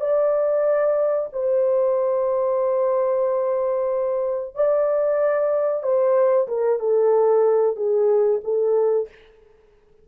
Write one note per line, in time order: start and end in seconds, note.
0.00 1.29 D5
1.33 4.55 C5
4.55 5.83 D5
5.83 6.48 C5
6.48 6.79 A#4
6.79 7.76 A4
7.76 8.40 G#4
8.44 9.08 A4